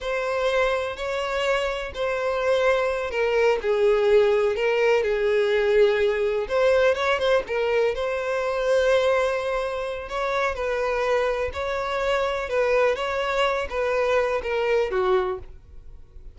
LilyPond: \new Staff \with { instrumentName = "violin" } { \time 4/4 \tempo 4 = 125 c''2 cis''2 | c''2~ c''8 ais'4 gis'8~ | gis'4. ais'4 gis'4.~ | gis'4. c''4 cis''8 c''8 ais'8~ |
ais'8 c''2.~ c''8~ | c''4 cis''4 b'2 | cis''2 b'4 cis''4~ | cis''8 b'4. ais'4 fis'4 | }